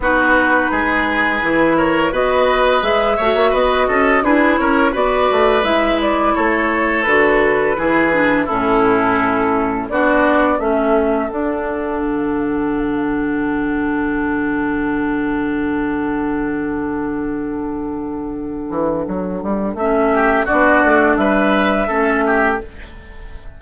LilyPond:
<<
  \new Staff \with { instrumentName = "flute" } { \time 4/4 \tempo 4 = 85 b'2~ b'8 cis''8 dis''4 | e''4 dis''4 b'8 cis''8 d''4 | e''8 d''8 cis''4 b'2 | a'2 d''4 e''4 |
fis''1~ | fis''1~ | fis''1 | e''4 d''4 e''2 | }
  \new Staff \with { instrumentName = "oboe" } { \time 4/4 fis'4 gis'4. ais'8 b'4~ | b'8 cis''8 b'8 a'8 gis'8 ais'8 b'4~ | b'4 a'2 gis'4 | e'2 fis'4 a'4~ |
a'1~ | a'1~ | a'1~ | a'8 g'8 fis'4 b'4 a'8 g'8 | }
  \new Staff \with { instrumentName = "clarinet" } { \time 4/4 dis'2 e'4 fis'4 | gis'8 fis'4. e'4 fis'4 | e'2 fis'4 e'8 d'8 | cis'2 d'4 cis'4 |
d'1~ | d'1~ | d'1 | cis'4 d'2 cis'4 | }
  \new Staff \with { instrumentName = "bassoon" } { \time 4/4 b4 gis4 e4 b4 | gis8 a16 ais16 b8 cis'8 d'8 cis'8 b8 a8 | gis4 a4 d4 e4 | a,2 b4 a4 |
d'4 d2.~ | d1~ | d2~ d8 e8 fis8 g8 | a4 b8 a8 g4 a4 | }
>>